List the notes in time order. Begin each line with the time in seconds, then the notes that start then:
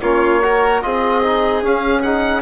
0.00 A#3 C#4 F4 C#5
0.42 F#4 A#4
0.82 C4 F4 G#4 D#5
1.23 D#4
1.62 C#4 F5
2.02 D#4 F#5